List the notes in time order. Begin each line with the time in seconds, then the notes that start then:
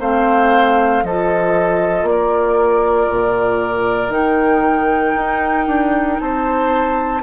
0.00 A3 C4 C5 F5
1.03 F3 F4 A4 D#5
2.03 A#3 D5
2.10 A#4
3.09 A#2
4.09 D#3 D#4 G5
5.16 D#4
5.67 D4
6.19 C4 C5 A5